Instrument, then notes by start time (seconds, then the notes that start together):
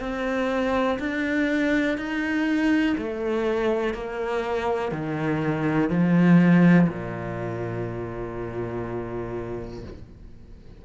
cello
0.00 C4
0.99 D4
1.97 D#4
2.97 A3
3.94 A#3
4.91 D#3
5.89 F3
6.89 A#2